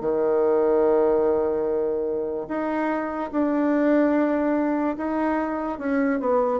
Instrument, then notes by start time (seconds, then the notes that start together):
bassoon
0.00 D#3
2.48 D#4
3.31 D4
4.97 D#4
5.78 C#4
6.19 B3